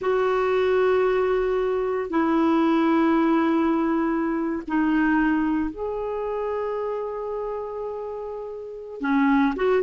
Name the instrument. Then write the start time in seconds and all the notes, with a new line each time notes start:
clarinet
0.01 F#4
2.10 E4
4.67 D#4
5.70 G#4
9.00 C#4
9.56 F#4